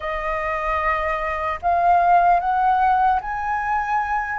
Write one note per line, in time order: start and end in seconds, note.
0.00 1.59 D#5
1.61 2.40 F5
2.40 3.20 F#5
3.21 4.39 G#5